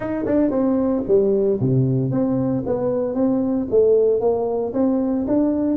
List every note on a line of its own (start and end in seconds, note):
0.00 0.25 D#4
0.25 0.50 D4
0.50 1.03 C4
1.07 1.60 G3
1.60 2.11 C3
2.11 2.63 C4
2.66 3.14 B3
3.14 3.67 C4
3.70 4.20 A3
4.20 4.72 A#3
4.73 5.25 C4
5.27 5.76 D4